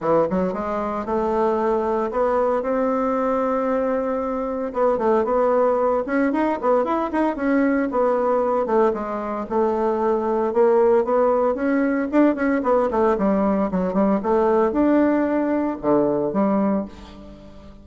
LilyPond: \new Staff \with { instrumentName = "bassoon" } { \time 4/4 \tempo 4 = 114 e8 fis8 gis4 a2 | b4 c'2.~ | c'4 b8 a8 b4. cis'8 | dis'8 b8 e'8 dis'8 cis'4 b4~ |
b8 a8 gis4 a2 | ais4 b4 cis'4 d'8 cis'8 | b8 a8 g4 fis8 g8 a4 | d'2 d4 g4 | }